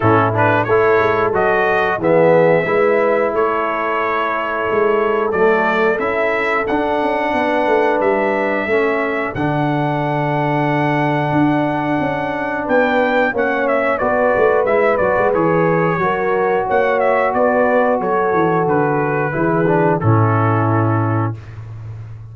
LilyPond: <<
  \new Staff \with { instrumentName = "trumpet" } { \time 4/4 \tempo 4 = 90 a'8 b'8 cis''4 dis''4 e''4~ | e''4 cis''2. | d''4 e''4 fis''2 | e''2 fis''2~ |
fis''2. g''4 | fis''8 e''8 d''4 e''8 d''8 cis''4~ | cis''4 fis''8 e''8 d''4 cis''4 | b'2 a'2 | }
  \new Staff \with { instrumentName = "horn" } { \time 4/4 e'4 a'2 gis'4 | b'4 a'2.~ | a'2. b'4~ | b'4 a'2.~ |
a'2. b'4 | cis''4 b'2. | ais'4 cis''4 b'4 a'4~ | a'4 gis'4 e'2 | }
  \new Staff \with { instrumentName = "trombone" } { \time 4/4 cis'8 d'8 e'4 fis'4 b4 | e'1 | a4 e'4 d'2~ | d'4 cis'4 d'2~ |
d'1 | cis'4 fis'4 e'8 fis'8 gis'4 | fis'1~ | fis'4 e'8 d'8 cis'2 | }
  \new Staff \with { instrumentName = "tuba" } { \time 4/4 a,4 a8 gis8 fis4 e4 | gis4 a2 gis4 | fis4 cis'4 d'8 cis'8 b8 a8 | g4 a4 d2~ |
d4 d'4 cis'4 b4 | ais4 b8 a8 gis8 fis16 gis16 e4 | fis4 ais4 b4 fis8 e8 | d4 e4 a,2 | }
>>